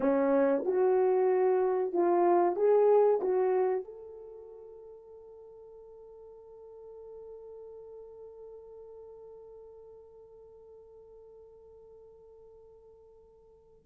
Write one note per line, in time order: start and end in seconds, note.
0.00 0.64 C#4
0.65 1.92 F#4
1.92 2.55 F4
2.55 3.20 G#4
3.21 3.84 F#4
3.84 13.84 A4